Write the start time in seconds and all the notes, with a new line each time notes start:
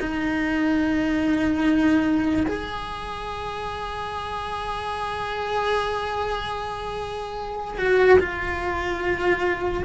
0.00 D#4
2.47 G#4
7.78 F#4
8.20 F4